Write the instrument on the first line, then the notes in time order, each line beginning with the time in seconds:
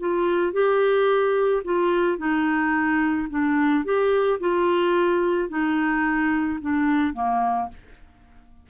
clarinet
0.00 F4
0.53 G4
1.65 F4
2.18 D#4
3.30 D4
3.85 G4
4.40 F4
5.49 D#4
6.61 D4
7.14 A#3